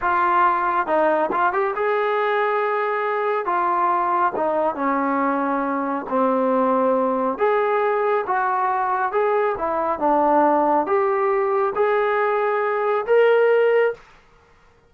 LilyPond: \new Staff \with { instrumentName = "trombone" } { \time 4/4 \tempo 4 = 138 f'2 dis'4 f'8 g'8 | gis'1 | f'2 dis'4 cis'4~ | cis'2 c'2~ |
c'4 gis'2 fis'4~ | fis'4 gis'4 e'4 d'4~ | d'4 g'2 gis'4~ | gis'2 ais'2 | }